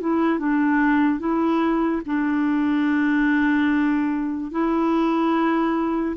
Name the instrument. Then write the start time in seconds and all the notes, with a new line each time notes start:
clarinet
0.00 E4
0.39 D4
1.20 E4
2.06 D4
4.51 E4